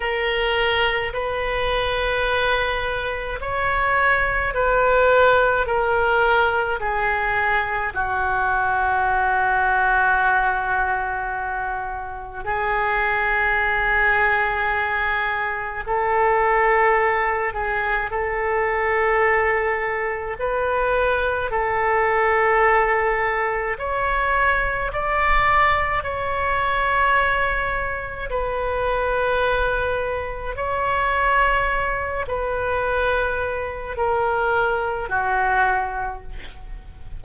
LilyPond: \new Staff \with { instrumentName = "oboe" } { \time 4/4 \tempo 4 = 53 ais'4 b'2 cis''4 | b'4 ais'4 gis'4 fis'4~ | fis'2. gis'4~ | gis'2 a'4. gis'8 |
a'2 b'4 a'4~ | a'4 cis''4 d''4 cis''4~ | cis''4 b'2 cis''4~ | cis''8 b'4. ais'4 fis'4 | }